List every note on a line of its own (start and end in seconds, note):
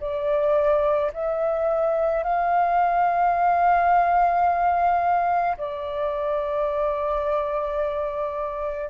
0.00 1.11 D5
1.13 2.23 E5
2.23 5.56 F5
5.57 8.90 D5